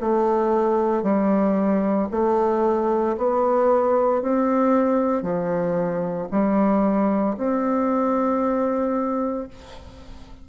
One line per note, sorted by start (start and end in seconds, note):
0.00 1.02 A3
1.02 2.08 G3
2.11 3.16 A3
3.17 4.22 B3
4.22 5.22 C4
5.22 6.27 F3
6.31 7.36 G3
7.37 9.47 C4